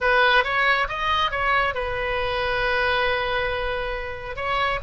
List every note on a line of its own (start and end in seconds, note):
0.01 0.43 B4
0.43 0.87 C#5
0.88 1.31 D#5
1.31 1.74 C#5
1.74 4.36 B4
4.36 4.79 C#5